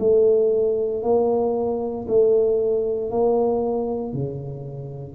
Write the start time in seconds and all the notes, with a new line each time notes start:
0.00 A3
1.03 A#3
2.08 A3
3.11 A#3
4.14 C#3